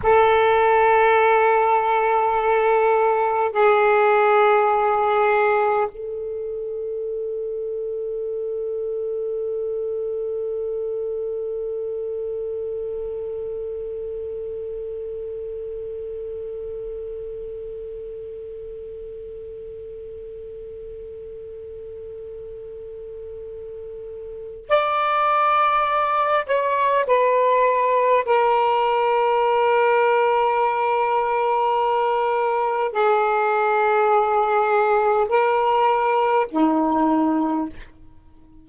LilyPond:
\new Staff \with { instrumentName = "saxophone" } { \time 4/4 \tempo 4 = 51 a'2. gis'4~ | gis'4 a'2.~ | a'1~ | a'1~ |
a'1~ | a'4 d''4. cis''8 b'4 | ais'1 | gis'2 ais'4 dis'4 | }